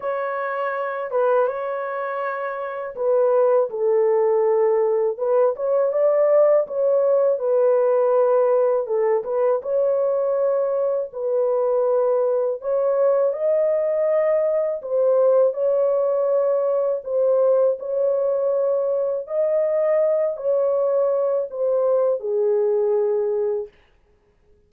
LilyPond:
\new Staff \with { instrumentName = "horn" } { \time 4/4 \tempo 4 = 81 cis''4. b'8 cis''2 | b'4 a'2 b'8 cis''8 | d''4 cis''4 b'2 | a'8 b'8 cis''2 b'4~ |
b'4 cis''4 dis''2 | c''4 cis''2 c''4 | cis''2 dis''4. cis''8~ | cis''4 c''4 gis'2 | }